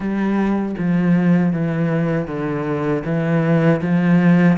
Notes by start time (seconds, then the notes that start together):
0.00 G3
0.78 F3
1.52 E3
2.27 D3
3.04 E3
3.81 F3